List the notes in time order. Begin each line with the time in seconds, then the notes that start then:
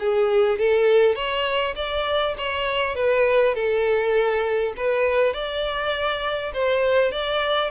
0.00 G#4
0.59 A4
1.15 C#5
1.76 D5
2.38 C#5
2.96 B4
3.55 A4
4.77 B4
5.34 D5
6.54 C5
7.12 D5